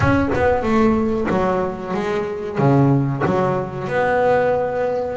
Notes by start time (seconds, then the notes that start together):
0.00 C#4
0.34 B3
0.62 A3
1.30 F#3
1.94 G#3
2.58 C#3
3.25 F#3
3.87 B3